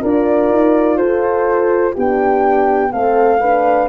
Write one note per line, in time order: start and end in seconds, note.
0.00 0.50 D4
0.00 1.94 F4
0.00 0.98 A#4
0.00 0.97 D5
0.50 0.98 D#4
0.97 1.95 F4
0.97 1.94 A4
0.97 1.94 C5
1.94 2.93 B3
1.94 2.91 D4
1.94 2.91 G4
1.94 2.92 G5
2.91 3.89 A3
2.91 3.39 C4
2.91 3.40 A4
2.91 3.89 F5
3.40 3.89 D4
3.40 3.89 B4